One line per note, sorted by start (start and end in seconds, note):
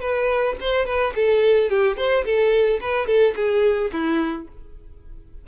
0.00 0.55 B4
0.61 0.85 C5
0.85 1.13 B4
1.15 1.69 A4
1.69 1.97 G4
1.97 2.24 C5
2.25 2.80 A4
2.81 3.06 B4
3.06 3.34 A4
3.36 3.91 G#4
3.92 4.47 E4